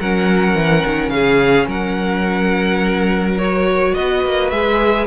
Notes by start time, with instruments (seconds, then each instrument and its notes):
0.00 cello F#3, viola C#4, violin A#4 F#5
0.55 cello E3
0.86 cello D#3
1.09 cello C#3, violin G#4 F5
1.68 cello F#3, violin A#4 F#5
3.38 viola F#4, violin C#5
3.95 cello B3, violin B4 D#5
4.25 cello A#3
4.50 cello G#3, viola G#4, violin E5